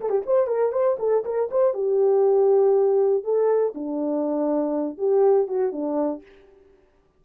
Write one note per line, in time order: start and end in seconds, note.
0.00 0.09 A4
0.09 0.21 G4
0.26 0.47 C5
0.47 0.72 A#4
0.72 0.97 C5
0.99 1.24 A4
1.24 1.49 A#4
1.50 1.73 C5
1.73 3.23 G4
3.23 3.73 A4
3.74 4.97 D4
4.97 5.47 G4
5.47 5.72 F#4
5.72 6.22 D4